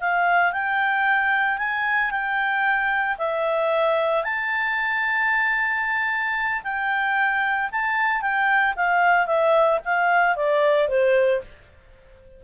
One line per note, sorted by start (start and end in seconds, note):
0.00 0.52 F5
0.52 1.58 G5
1.58 2.11 G#5
2.11 3.17 G5
3.18 4.23 E5
4.23 6.62 A5
6.63 7.70 G5
7.72 8.21 A5
8.21 8.74 G5
8.76 9.26 F5
9.26 9.79 E5
9.85 10.36 F5
10.36 10.88 D5
10.88 11.41 C5